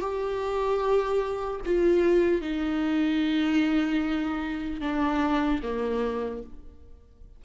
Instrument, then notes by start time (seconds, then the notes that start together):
viola
0.00 G4
1.65 F4
2.41 D#4
4.80 D4
5.63 A#3